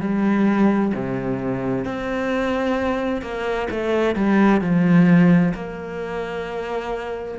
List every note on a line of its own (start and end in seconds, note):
0.00 0.92 G3
0.94 1.85 C3
1.85 3.21 C4
3.21 3.68 A#3
3.70 4.15 A3
4.15 4.61 G3
4.61 5.53 F3
5.54 7.38 A#3